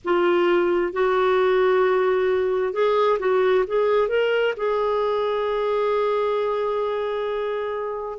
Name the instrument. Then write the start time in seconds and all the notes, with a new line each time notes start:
clarinet
0.04 F4
0.93 F#4
2.73 G#4
3.19 F#4
3.67 G#4
4.08 A#4
4.57 G#4